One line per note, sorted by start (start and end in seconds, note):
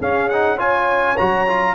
0.00 1.17 C#4
0.00 0.32 C#4
0.00 0.58 G#4
0.00 0.30 F5
0.30 0.58 D#4
0.30 0.59 F#5
0.58 1.17 F4
0.58 1.74 C#5
0.58 1.18 G#5
1.18 1.75 F#3
1.18 1.48 F#4
1.18 1.75 A#5
1.48 1.75 F4